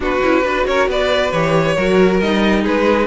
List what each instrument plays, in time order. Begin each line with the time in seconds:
0.00 cello B3, viola D4, violin F#4 B4
0.22 cello C#4, viola E4
0.43 cello D4, viola F#4, violin B4
0.66 cello C#4, violin A#4 C#5
0.87 cello B3, violin B4 D5
1.31 cello E3, viola G4, violin C#5
1.75 cello F#3, viola F#4, violin A#4
2.20 cello G3, viola D#4, violin D#5
2.62 cello G#3, violin G#4 B4